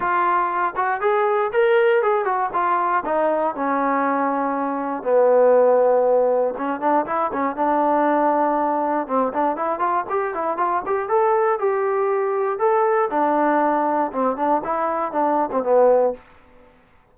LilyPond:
\new Staff \with { instrumentName = "trombone" } { \time 4/4 \tempo 4 = 119 f'4. fis'8 gis'4 ais'4 | gis'8 fis'8 f'4 dis'4 cis'4~ | cis'2 b2~ | b4 cis'8 d'8 e'8 cis'8 d'4~ |
d'2 c'8 d'8 e'8 f'8 | g'8 e'8 f'8 g'8 a'4 g'4~ | g'4 a'4 d'2 | c'8 d'8 e'4 d'8. c'16 b4 | }